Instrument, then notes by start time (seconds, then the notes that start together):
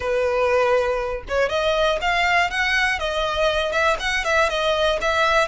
violin
0.00 B4
1.28 C#5
1.49 D#5
2.01 F5
2.50 F#5
2.99 D#5
3.71 E5
3.99 F#5
4.24 E5
4.49 D#5
5.01 E5